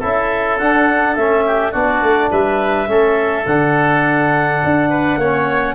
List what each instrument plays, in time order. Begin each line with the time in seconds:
0.00 tuba C#4, trombone E4, oboe A4, clarinet E5
0.59 tuba D4, trombone D4, clarinet F#5
1.16 tuba A3, trombone C#4, clarinet E5
1.46 oboe G4
1.72 tuba B3, trombone D4, oboe F#4, clarinet D5
2.02 tuba A3
2.31 tuba G3, oboe B4, clarinet E5
2.88 tuba A3, trombone C#4, oboe A4
3.46 tuba D3, trombone D4, clarinet F#5
4.65 tuba D4
4.90 oboe B4
5.17 tuba A#3, trombone C#4, oboe C#5